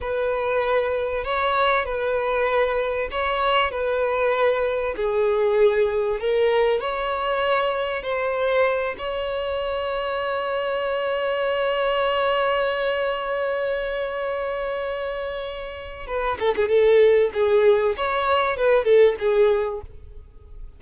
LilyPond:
\new Staff \with { instrumentName = "violin" } { \time 4/4 \tempo 4 = 97 b'2 cis''4 b'4~ | b'4 cis''4 b'2 | gis'2 ais'4 cis''4~ | cis''4 c''4. cis''4.~ |
cis''1~ | cis''1~ | cis''2 b'8 a'16 gis'16 a'4 | gis'4 cis''4 b'8 a'8 gis'4 | }